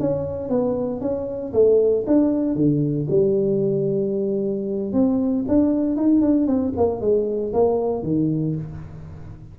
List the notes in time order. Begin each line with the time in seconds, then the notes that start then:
0.00 C#4
0.49 B3
1.01 C#4
1.53 A3
2.07 D4
2.55 D3
3.10 G3
4.93 C4
5.48 D4
5.96 D#4
6.21 D4
6.47 C4
6.77 A#3
7.01 G#3
7.53 A#3
8.03 D#3